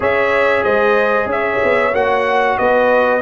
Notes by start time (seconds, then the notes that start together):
0.00 C#4 G#4 C#5 E5
0.63 G#3 C5 D#5
1.25 C#4 E5
1.31 C#5
1.63 B3
1.93 A#3 F#4 F#5
2.58 B3 B4 D#5